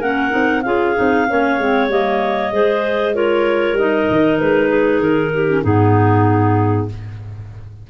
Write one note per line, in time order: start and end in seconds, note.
0.00 0.33 A#3
0.00 0.30 C#4
0.00 0.62 A#4
0.00 0.62 F#5
0.30 0.66 C4
0.30 0.62 D#4
0.62 0.97 C#4
0.62 0.95 F4
0.62 1.28 G#4
0.62 1.88 F5
0.95 1.30 C4
0.95 1.27 D#4
1.29 1.58 A#3
1.29 1.60 C#4
1.29 2.54 C#5
1.58 1.89 G#3
1.58 1.90 C4
1.89 2.52 G3
1.89 2.52 A#3
1.89 3.15 D#5
2.52 3.73 G#3
2.52 3.14 G#4
2.52 3.15 C5
3.14 3.77 F4
3.14 4.69 A#4
3.14 3.78 C#5
3.73 4.04 G3
3.73 5.48 D#4
3.73 4.39 D#5
4.11 4.41 D#3
4.39 5.00 G#3
4.39 5.02 B4
4.69 5.32 G#4
5.00 5.62 D#3
5.00 5.64 A#4
5.34 5.63 G4
5.48 5.64 C#4
5.63 6.89 G#2
5.63 6.90 B3
5.63 6.88 D#4
5.63 6.89 G#4